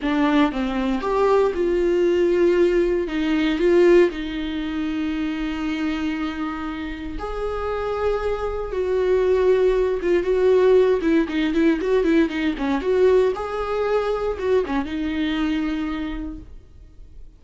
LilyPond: \new Staff \with { instrumentName = "viola" } { \time 4/4 \tempo 4 = 117 d'4 c'4 g'4 f'4~ | f'2 dis'4 f'4 | dis'1~ | dis'2 gis'2~ |
gis'4 fis'2~ fis'8 f'8 | fis'4. e'8 dis'8 e'8 fis'8 e'8 | dis'8 cis'8 fis'4 gis'2 | fis'8 cis'8 dis'2. | }